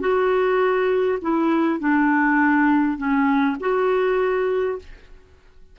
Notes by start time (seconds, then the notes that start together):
0.00 F#4
1.21 E4
1.79 D4
2.97 C#4
3.60 F#4